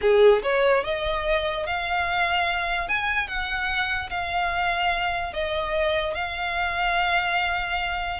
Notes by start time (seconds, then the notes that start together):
0.01 G#4
0.43 C#5
0.84 D#5
1.66 F5
2.88 G#5
3.27 F#5
4.09 F5
5.33 D#5
6.14 F5